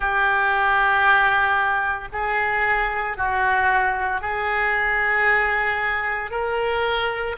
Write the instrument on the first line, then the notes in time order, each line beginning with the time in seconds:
oboe
0.00 G4
2.12 G#4
3.17 F#4
4.21 G#4
6.31 A#4